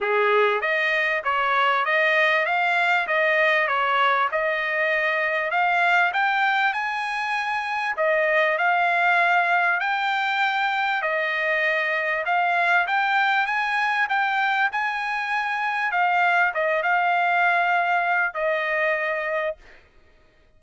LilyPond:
\new Staff \with { instrumentName = "trumpet" } { \time 4/4 \tempo 4 = 98 gis'4 dis''4 cis''4 dis''4 | f''4 dis''4 cis''4 dis''4~ | dis''4 f''4 g''4 gis''4~ | gis''4 dis''4 f''2 |
g''2 dis''2 | f''4 g''4 gis''4 g''4 | gis''2 f''4 dis''8 f''8~ | f''2 dis''2 | }